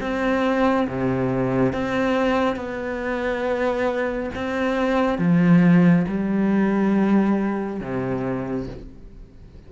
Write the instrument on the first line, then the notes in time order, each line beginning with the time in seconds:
cello
0.00 C4
0.87 C3
1.72 C4
2.56 B3
4.35 C4
5.18 F3
6.08 G3
7.80 C3